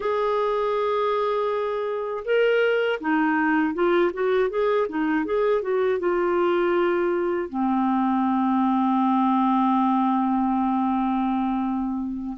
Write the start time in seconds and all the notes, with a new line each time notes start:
0.00 G#4
2.24 A#4
3.00 D#4
3.73 F4
4.12 F#4
4.49 G#4
4.88 D#4
5.25 G#4
5.61 F#4
5.99 F4
7.49 C4